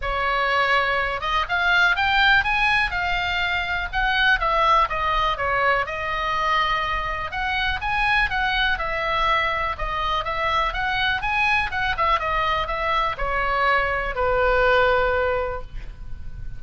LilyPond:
\new Staff \with { instrumentName = "oboe" } { \time 4/4 \tempo 4 = 123 cis''2~ cis''8 dis''8 f''4 | g''4 gis''4 f''2 | fis''4 e''4 dis''4 cis''4 | dis''2. fis''4 |
gis''4 fis''4 e''2 | dis''4 e''4 fis''4 gis''4 | fis''8 e''8 dis''4 e''4 cis''4~ | cis''4 b'2. | }